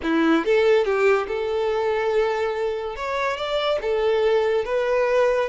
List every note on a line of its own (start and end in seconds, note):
0.02 0.45 E4
0.45 0.84 A4
0.84 1.27 G4
1.27 2.96 A4
2.96 3.36 C#5
3.36 3.79 D5
3.81 4.65 A4
4.65 5.49 B4